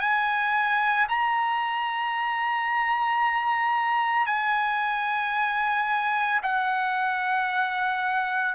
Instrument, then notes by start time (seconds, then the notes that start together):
trumpet
0.00 G#5
1.09 A#5
4.26 G#5
6.42 F#5